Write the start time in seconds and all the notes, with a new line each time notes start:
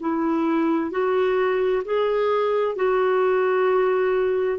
0.00 E4
0.91 F#4
1.85 G#4
2.76 F#4